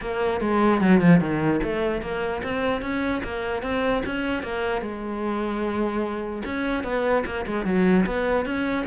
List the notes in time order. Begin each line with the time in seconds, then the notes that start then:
0.01 A#3
0.40 G#3
0.81 F#3
1.00 F3
1.20 D#3
1.63 A3
2.01 A#3
2.43 C4
2.81 C#4
3.23 A#3
3.62 C4
4.05 C#4
4.43 A#3
4.81 G#3
6.45 C#4
6.83 B3
7.25 A#3
7.46 G#3
7.65 F#3
8.05 B3
8.45 C#4